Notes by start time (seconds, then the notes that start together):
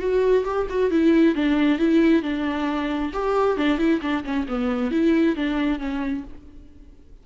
0.00 F#4
0.45 G4
0.70 F#4
0.91 E4
1.35 D4
1.79 E4
2.23 D4
3.13 G4
3.57 D4
3.79 E4
4.02 D4
4.25 C#4
4.49 B3
4.91 E4
5.36 D4
5.80 C#4